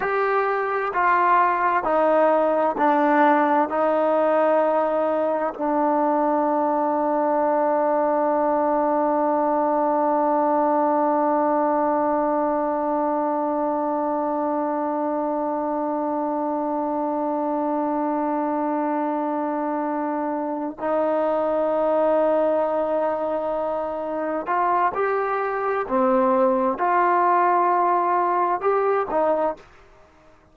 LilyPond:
\new Staff \with { instrumentName = "trombone" } { \time 4/4 \tempo 4 = 65 g'4 f'4 dis'4 d'4 | dis'2 d'2~ | d'1~ | d'1~ |
d'1~ | d'2~ d'8 dis'4.~ | dis'2~ dis'8 f'8 g'4 | c'4 f'2 g'8 dis'8 | }